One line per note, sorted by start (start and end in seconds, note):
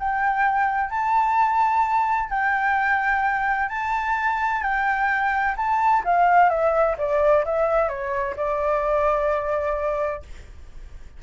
0.00 0.90 G5
0.90 2.30 A5
2.30 3.69 G5
3.70 4.63 A5
4.63 5.56 G5
5.57 6.03 A5
6.05 6.50 F5
6.50 6.96 E5
6.98 7.45 D5
7.45 7.89 E5
7.89 8.36 C#5
8.37 10.23 D5